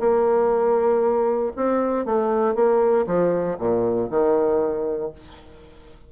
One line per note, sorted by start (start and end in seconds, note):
0.00 1.53 A#3
1.56 2.05 C4
2.05 2.55 A3
2.55 3.06 A#3
3.07 3.58 F3
3.59 4.10 A#2
4.10 5.12 D#3